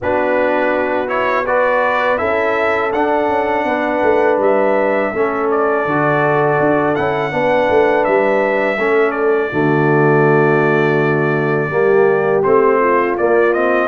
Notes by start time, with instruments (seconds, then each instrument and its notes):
0.01 tuba B3, trombone D4, horn F#4, trumpet B4
1.07 trombone E4, trumpet C#5
1.46 trombone F#4, horn B4, trumpet D5
2.17 tuba C#4, trombone E4, horn A4, trumpet E5
2.92 tuba D4, trombone D4, trumpet F#5
3.27 tuba C#4
3.64 tuba B3, horn B4
4.03 tuba A3
4.37 tuba G3, trumpet E5
5.12 tuba A3, trombone C#4, horn A4
5.50 trumpet D5
5.85 tuba D3, trombone F#4
6.59 tuba D4
6.95 tuba C#4, trombone E4, trumpet F#5
7.31 tuba B3, trombone D4, horn B4
7.69 tuba A3
8.04 tuba G3, trumpet E5
8.77 tuba A3, trombone C#4, horn A4
9.11 trumpet D5
9.51 tuba D3, trombone A3, horn F#4
11.68 tuba G3, trombone A#3, horn G4
12.42 tuba A3, trombone C4, trumpet C5
12.79 horn F4
13.17 trombone A#3, tuba A#3, trumpet D5
13.53 trombone C4, trumpet D#5